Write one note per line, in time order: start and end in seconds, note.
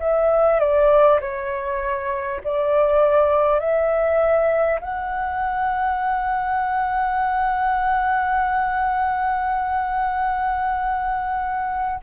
0.00 0.59 E5
0.59 1.19 D5
1.21 2.41 C#5
2.44 3.60 D5
3.60 4.80 E5
4.81 12.01 F#5